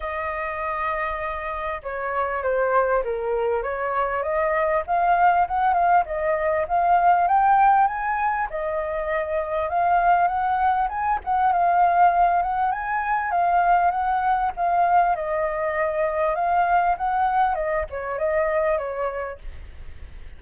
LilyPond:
\new Staff \with { instrumentName = "flute" } { \time 4/4 \tempo 4 = 99 dis''2. cis''4 | c''4 ais'4 cis''4 dis''4 | f''4 fis''8 f''8 dis''4 f''4 | g''4 gis''4 dis''2 |
f''4 fis''4 gis''8 fis''8 f''4~ | f''8 fis''8 gis''4 f''4 fis''4 | f''4 dis''2 f''4 | fis''4 dis''8 cis''8 dis''4 cis''4 | }